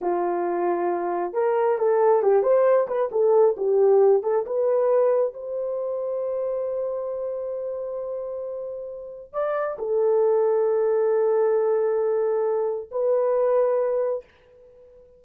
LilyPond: \new Staff \with { instrumentName = "horn" } { \time 4/4 \tempo 4 = 135 f'2. ais'4 | a'4 g'8 c''4 b'8 a'4 | g'4. a'8 b'2 | c''1~ |
c''1~ | c''4 d''4 a'2~ | a'1~ | a'4 b'2. | }